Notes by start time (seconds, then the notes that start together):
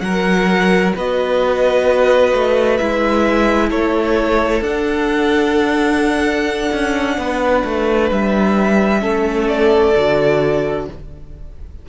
0.00 F#3 A#4 F#5
0.95 B3 F#4 B4 D#5
2.33 A3
2.77 G#3 E4 E5
3.68 A3 A4 C#5
4.61 D4 F#5
6.72 C#4
7.17 B3 B4
7.65 A3
8.11 G3 E5
8.99 A3 C#4 A4
9.48 D5
9.96 D3 F#4